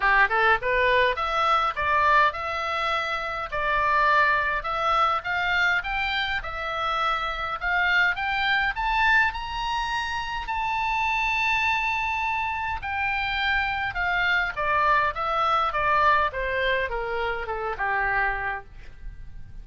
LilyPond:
\new Staff \with { instrumentName = "oboe" } { \time 4/4 \tempo 4 = 103 g'8 a'8 b'4 e''4 d''4 | e''2 d''2 | e''4 f''4 g''4 e''4~ | e''4 f''4 g''4 a''4 |
ais''2 a''2~ | a''2 g''2 | f''4 d''4 e''4 d''4 | c''4 ais'4 a'8 g'4. | }